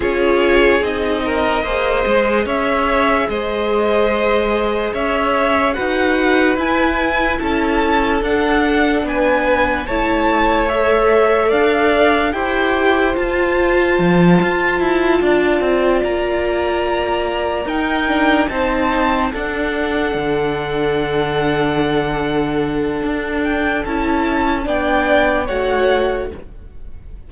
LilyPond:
<<
  \new Staff \with { instrumentName = "violin" } { \time 4/4 \tempo 4 = 73 cis''4 dis''2 e''4 | dis''2 e''4 fis''4 | gis''4 a''4 fis''4 gis''4 | a''4 e''4 f''4 g''4 |
a''2.~ a''8 ais''8~ | ais''4. g''4 a''4 fis''8~ | fis''1~ | fis''8 g''8 a''4 g''4 fis''4 | }
  \new Staff \with { instrumentName = "violin" } { \time 4/4 gis'4. ais'8 c''4 cis''4 | c''2 cis''4 b'4~ | b'4 a'2 b'4 | cis''2 d''4 c''4~ |
c''2~ c''8 d''4.~ | d''4. ais'4 c''4 a'8~ | a'1~ | a'2 d''4 cis''4 | }
  \new Staff \with { instrumentName = "viola" } { \time 4/4 f'4 dis'4 gis'2~ | gis'2. fis'4 | e'2 d'2 | e'4 a'2 g'4 |
f'1~ | f'4. dis'8 d'8 dis'4 d'8~ | d'1~ | d'4 e'4 d'4 fis'4 | }
  \new Staff \with { instrumentName = "cello" } { \time 4/4 cis'4 c'4 ais8 gis8 cis'4 | gis2 cis'4 dis'4 | e'4 cis'4 d'4 b4 | a2 d'4 e'4 |
f'4 f8 f'8 e'8 d'8 c'8 ais8~ | ais4. dis'4 c'4 d'8~ | d'8 d2.~ d8 | d'4 cis'4 b4 a4 | }
>>